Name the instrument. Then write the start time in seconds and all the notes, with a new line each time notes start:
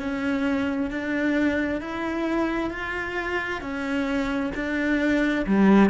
cello
0.00 C#4
0.91 D4
1.81 E4
2.71 F4
3.62 C#4
4.55 D4
5.47 G3